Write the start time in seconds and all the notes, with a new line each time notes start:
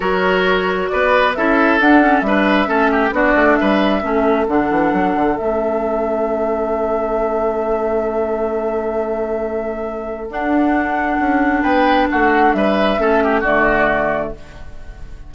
0.00 F#3 F#4 A#4 C#5
0.88 B3 B4 D5
1.34 C#4 E4 A4 E5
1.79 D4 F#5
2.01 C#4
2.20 G3 E5
2.26 D4 B4
2.66 A3 C#4 A4
2.91 G4
3.11 B3 D4 F#4 D5
3.35 A3
3.56 G3 B4 E5
4.02 A3 C#4 A4
4.48 D3 D4 F#5
4.70 E3
4.92 F#3
5.15 D3
5.36 A3 C#4 E5
10.29 D4 F#5
11.19 C#4
11.62 B3 B4 G5
12.10 A3 F#4 F#5
12.52 G3 B4 E5
12.98 A3 C#4 A4
13.23 G4
13.40 D3 A3 F#4 D5